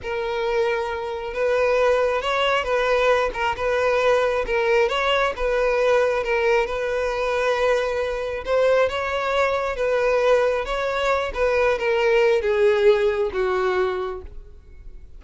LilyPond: \new Staff \with { instrumentName = "violin" } { \time 4/4 \tempo 4 = 135 ais'2. b'4~ | b'4 cis''4 b'4. ais'8 | b'2 ais'4 cis''4 | b'2 ais'4 b'4~ |
b'2. c''4 | cis''2 b'2 | cis''4. b'4 ais'4. | gis'2 fis'2 | }